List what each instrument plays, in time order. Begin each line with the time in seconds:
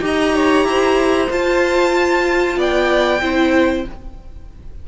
0.00 cello D#4, viola G4, violin D#5 A#5
0.35 violin C#5
0.64 cello E4, violin C5
1.29 viola F4, cello F4, violin A5
2.56 cello B3, violin D5 G5
3.21 cello C4, viola E4, violin C5